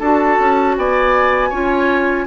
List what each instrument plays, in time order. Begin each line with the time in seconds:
0.00 bassoon D4, clarinet F#4, oboe A4, flute A5
0.40 bassoon C#4
0.78 bassoon B3, oboe D5, flute G#5
1.50 bassoon C#4, clarinet F4, oboe C#5